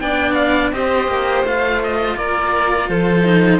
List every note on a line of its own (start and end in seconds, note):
0.00 0.72 B3
0.00 0.73 D4
0.00 0.74 D5
0.00 0.34 G5
0.34 0.70 F5
0.72 1.07 C4
0.72 1.45 G4
0.72 2.17 C5
0.72 1.45 D#5
1.07 1.43 A#3
1.43 2.15 A3
1.43 3.23 F4
1.43 1.82 F5
1.83 2.17 D#5
2.16 2.89 A#3
2.16 2.89 A#4
2.16 2.89 D5
2.89 3.60 F3
2.89 3.60 A4
2.89 3.60 C5
3.23 3.59 D#4